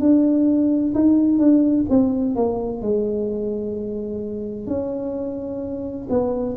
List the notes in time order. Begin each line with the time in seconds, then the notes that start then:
0.00 D4
0.94 D#4
1.38 D4
1.89 C4
2.35 A#3
2.82 G#3
4.67 C#4
6.09 B3